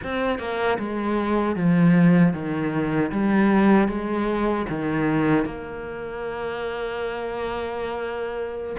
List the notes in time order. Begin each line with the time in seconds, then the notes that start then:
0.03 C4
0.39 A#3
0.78 G#3
1.55 F3
2.33 D#3
3.11 G3
3.87 G#3
4.69 D#3
5.45 A#3